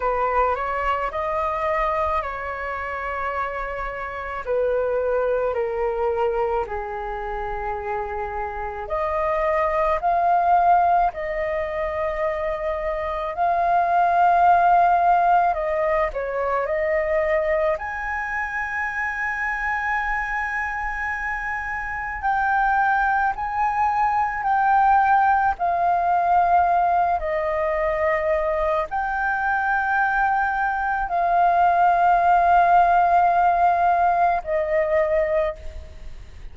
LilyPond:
\new Staff \with { instrumentName = "flute" } { \time 4/4 \tempo 4 = 54 b'8 cis''8 dis''4 cis''2 | b'4 ais'4 gis'2 | dis''4 f''4 dis''2 | f''2 dis''8 cis''8 dis''4 |
gis''1 | g''4 gis''4 g''4 f''4~ | f''8 dis''4. g''2 | f''2. dis''4 | }